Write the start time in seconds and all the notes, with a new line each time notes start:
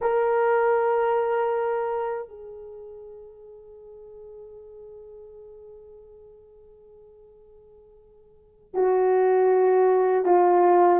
0.01 A#4
2.28 G#4
8.73 F#4
10.25 F4